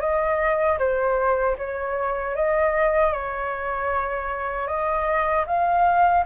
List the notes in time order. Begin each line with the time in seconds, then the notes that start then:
0.00 D#5
0.79 C5
1.58 C#5
2.35 D#5
3.12 C#5
4.67 D#5
5.47 F5